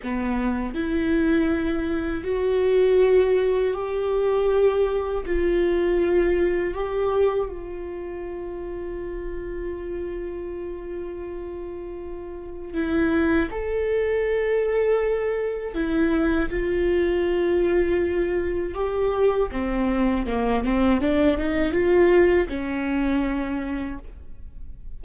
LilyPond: \new Staff \with { instrumentName = "viola" } { \time 4/4 \tempo 4 = 80 b4 e'2 fis'4~ | fis'4 g'2 f'4~ | f'4 g'4 f'2~ | f'1~ |
f'4 e'4 a'2~ | a'4 e'4 f'2~ | f'4 g'4 c'4 ais8 c'8 | d'8 dis'8 f'4 cis'2 | }